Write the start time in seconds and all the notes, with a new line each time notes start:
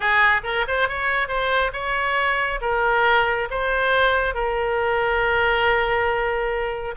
0.00 G#4
0.43 A#4
0.67 C5
0.88 C#5
1.28 C5
1.73 C#5
2.61 A#4
3.50 C5
4.34 A#4